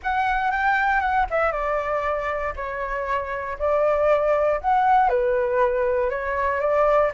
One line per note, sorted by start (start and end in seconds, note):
0.03 0.51 F#5
0.51 1.00 G5
1.00 1.26 F#5
1.30 1.52 E5
1.52 2.53 D5
2.56 3.57 C#5
3.58 4.60 D5
4.60 5.09 F#5
5.09 6.10 B4
6.10 6.60 C#5
6.60 7.11 D5